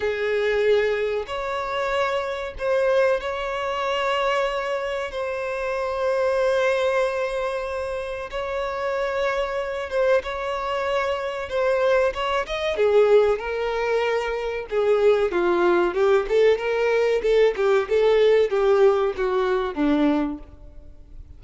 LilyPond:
\new Staff \with { instrumentName = "violin" } { \time 4/4 \tempo 4 = 94 gis'2 cis''2 | c''4 cis''2. | c''1~ | c''4 cis''2~ cis''8 c''8 |
cis''2 c''4 cis''8 dis''8 | gis'4 ais'2 gis'4 | f'4 g'8 a'8 ais'4 a'8 g'8 | a'4 g'4 fis'4 d'4 | }